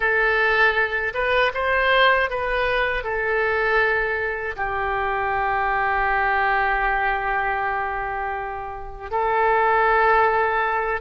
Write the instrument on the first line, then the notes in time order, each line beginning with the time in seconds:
oboe
0.00 A4
1.14 B4
1.54 C5
2.30 B4
3.03 A4
4.56 G4
9.10 A4